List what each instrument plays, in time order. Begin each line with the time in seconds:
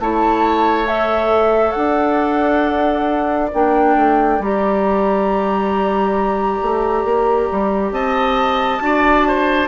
0.00 bassoon A3, clarinet E4, oboe C#5, flute A5
0.85 clarinet A4, flute E5
1.72 bassoon D4, flute F#5
1.78 oboe D5
3.53 bassoon A#3, clarinet D4, flute G5
3.96 bassoon A3
4.39 bassoon G3, clarinet G4, flute A#5
6.62 bassoon A3
7.04 bassoon A#3
7.52 bassoon G3
7.92 bassoon C4, oboe D#5, flute A5
8.80 bassoon D4, clarinet F#4, oboe D5
9.27 oboe C5